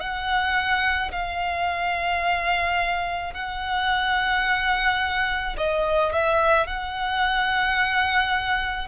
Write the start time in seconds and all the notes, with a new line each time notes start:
0.00 F#5
1.12 F5
3.34 F#5
5.58 D#5
6.12 E5
6.67 F#5